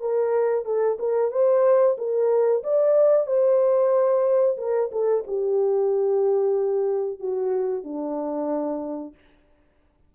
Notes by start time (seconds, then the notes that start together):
0.00 A#4
0.65 A4
0.98 A#4
1.31 C5
1.97 A#4
2.63 D5
3.26 C5
4.57 A#4
4.91 A4
5.26 G4
7.19 F#4
7.83 D4